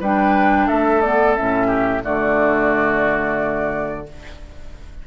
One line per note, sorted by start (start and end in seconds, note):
0.00 0.68 G3
0.00 1.03 D4
0.00 0.67 B4
0.00 0.68 G5
0.67 1.38 A3
0.67 1.68 A4
0.67 1.02 E5
1.02 1.37 B3
1.02 1.35 D5
1.36 2.05 A2
1.36 2.02 C#4
1.36 2.03 E5
1.68 2.01 G4
2.02 4.07 D3
2.02 4.04 A3
2.02 4.07 F#4
2.02 4.07 D5